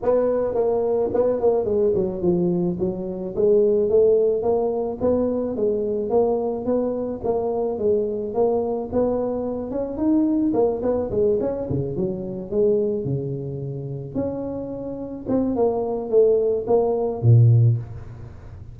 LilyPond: \new Staff \with { instrumentName = "tuba" } { \time 4/4 \tempo 4 = 108 b4 ais4 b8 ais8 gis8 fis8 | f4 fis4 gis4 a4 | ais4 b4 gis4 ais4 | b4 ais4 gis4 ais4 |
b4. cis'8 dis'4 ais8 b8 | gis8 cis'8 cis8 fis4 gis4 cis8~ | cis4. cis'2 c'8 | ais4 a4 ais4 ais,4 | }